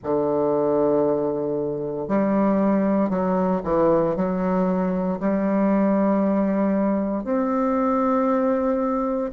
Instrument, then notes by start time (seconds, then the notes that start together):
bassoon
0.03 D3
2.08 G3
3.09 F#3
3.64 E3
4.16 F#3
5.20 G3
7.24 C4